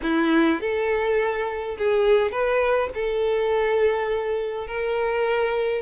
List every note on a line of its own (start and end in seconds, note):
0.02 0.60 E4
0.60 1.77 A4
1.78 2.31 G#4
2.31 2.89 B4
2.94 4.67 A4
4.67 5.81 A#4